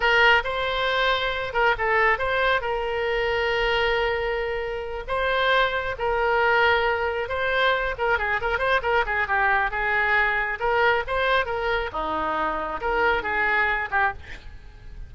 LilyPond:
\new Staff \with { instrumentName = "oboe" } { \time 4/4 \tempo 4 = 136 ais'4 c''2~ c''8 ais'8 | a'4 c''4 ais'2~ | ais'2.~ ais'8 c''8~ | c''4. ais'2~ ais'8~ |
ais'8 c''4. ais'8 gis'8 ais'8 c''8 | ais'8 gis'8 g'4 gis'2 | ais'4 c''4 ais'4 dis'4~ | dis'4 ais'4 gis'4. g'8 | }